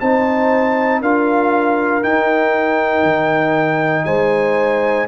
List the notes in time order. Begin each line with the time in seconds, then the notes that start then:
0.00 C4 D#4 C5 A5
1.01 D4 F4 A#4 F5
2.03 D#4 G5
3.03 D#3
4.05 G#3 C5 G#5